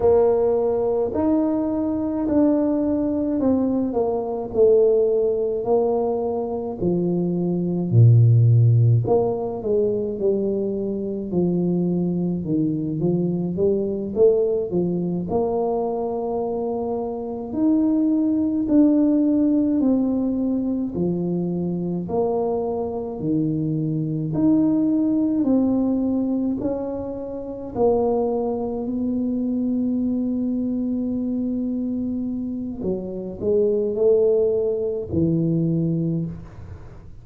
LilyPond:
\new Staff \with { instrumentName = "tuba" } { \time 4/4 \tempo 4 = 53 ais4 dis'4 d'4 c'8 ais8 | a4 ais4 f4 ais,4 | ais8 gis8 g4 f4 dis8 f8 | g8 a8 f8 ais2 dis'8~ |
dis'8 d'4 c'4 f4 ais8~ | ais8 dis4 dis'4 c'4 cis'8~ | cis'8 ais4 b2~ b8~ | b4 fis8 gis8 a4 e4 | }